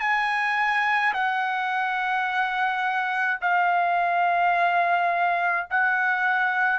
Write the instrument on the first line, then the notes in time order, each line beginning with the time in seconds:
trumpet
0.00 G#5
1.14 F#5
3.41 F5
5.70 F#5